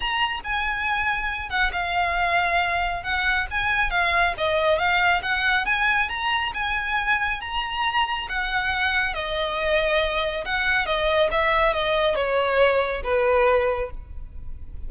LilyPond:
\new Staff \with { instrumentName = "violin" } { \time 4/4 \tempo 4 = 138 ais''4 gis''2~ gis''8 fis''8 | f''2. fis''4 | gis''4 f''4 dis''4 f''4 | fis''4 gis''4 ais''4 gis''4~ |
gis''4 ais''2 fis''4~ | fis''4 dis''2. | fis''4 dis''4 e''4 dis''4 | cis''2 b'2 | }